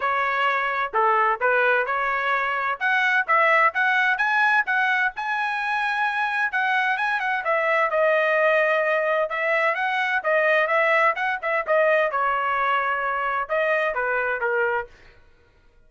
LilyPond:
\new Staff \with { instrumentName = "trumpet" } { \time 4/4 \tempo 4 = 129 cis''2 a'4 b'4 | cis''2 fis''4 e''4 | fis''4 gis''4 fis''4 gis''4~ | gis''2 fis''4 gis''8 fis''8 |
e''4 dis''2. | e''4 fis''4 dis''4 e''4 | fis''8 e''8 dis''4 cis''2~ | cis''4 dis''4 b'4 ais'4 | }